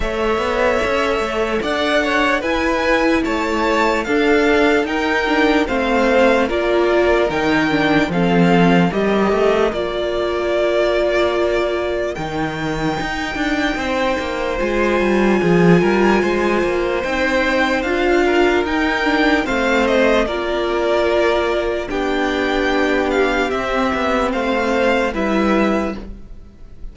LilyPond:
<<
  \new Staff \with { instrumentName = "violin" } { \time 4/4 \tempo 4 = 74 e''2 fis''4 gis''4 | a''4 f''4 g''4 f''4 | d''4 g''4 f''4 dis''4 | d''2. g''4~ |
g''2 gis''2~ | gis''4 g''4 f''4 g''4 | f''8 dis''8 d''2 g''4~ | g''8 f''8 e''4 f''4 e''4 | }
  \new Staff \with { instrumentName = "violin" } { \time 4/4 cis''2 d''8 cis''8 b'4 | cis''4 a'4 ais'4 c''4 | ais'2 a'4 ais'4~ | ais'1~ |
ais'4 c''2 gis'8 ais'8 | c''2~ c''8 ais'4. | c''4 ais'2 g'4~ | g'2 c''4 b'4 | }
  \new Staff \with { instrumentName = "viola" } { \time 4/4 a'2. e'4~ | e'4 d'4 dis'8 d'8 c'4 | f'4 dis'8 d'8 c'4 g'4 | f'2. dis'4~ |
dis'2 f'2~ | f'4 dis'4 f'4 dis'8 d'8 | c'4 f'2 d'4~ | d'4 c'2 e'4 | }
  \new Staff \with { instrumentName = "cello" } { \time 4/4 a8 b8 cis'8 a8 d'4 e'4 | a4 d'4 dis'4 a4 | ais4 dis4 f4 g8 a8 | ais2. dis4 |
dis'8 d'8 c'8 ais8 gis8 g8 f8 g8 | gis8 ais8 c'4 d'4 dis'4 | a4 ais2 b4~ | b4 c'8 b8 a4 g4 | }
>>